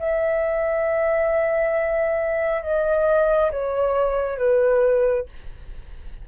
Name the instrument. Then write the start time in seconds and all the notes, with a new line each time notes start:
flute
0.00 E5
2.63 D#5
3.52 C#5
4.38 B4